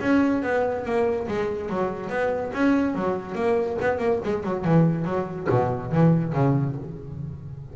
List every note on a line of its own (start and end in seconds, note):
0.00 0.42 C#4
0.43 0.85 B3
0.85 1.27 A#3
1.27 1.69 G#3
1.69 2.09 F#3
2.09 2.52 B3
2.53 2.95 C#4
2.95 3.35 F#3
3.35 3.77 A#3
3.81 3.98 B3
3.98 4.19 A#3
4.24 4.43 G#3
4.43 4.64 F#3
4.65 5.05 E3
5.05 5.47 F#3
5.49 5.91 B2
5.91 6.33 E3
6.33 6.75 C#3